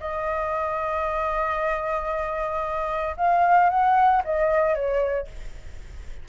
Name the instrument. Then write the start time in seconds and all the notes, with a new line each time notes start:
flute
0.00 D#5
3.17 F5
3.69 F#5
4.24 D#5
4.74 C#5